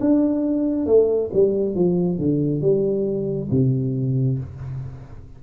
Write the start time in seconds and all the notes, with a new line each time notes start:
0.00 D4
0.86 A3
1.34 G3
1.75 F3
2.18 D3
2.61 G3
3.51 C3